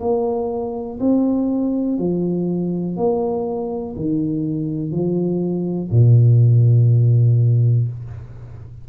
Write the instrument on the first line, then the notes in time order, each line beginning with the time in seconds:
tuba
0.00 A#3
1.00 C4
1.98 F3
2.96 A#3
3.96 D#3
4.91 F3
5.91 A#2